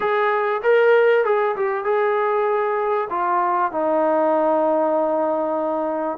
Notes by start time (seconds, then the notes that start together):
0.00 G#4
0.62 A#4
1.24 G#4
1.56 G4
1.84 G#4
3.10 F4
3.71 D#4